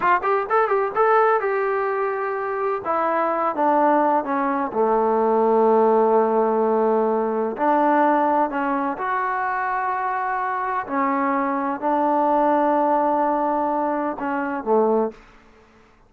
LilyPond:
\new Staff \with { instrumentName = "trombone" } { \time 4/4 \tempo 4 = 127 f'8 g'8 a'8 g'8 a'4 g'4~ | g'2 e'4. d'8~ | d'4 cis'4 a2~ | a1 |
d'2 cis'4 fis'4~ | fis'2. cis'4~ | cis'4 d'2.~ | d'2 cis'4 a4 | }